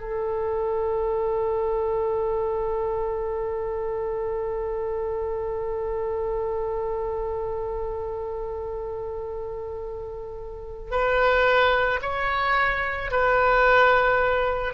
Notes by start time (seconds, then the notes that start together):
0.00 A4
10.90 B4
12.01 C#5
13.11 B4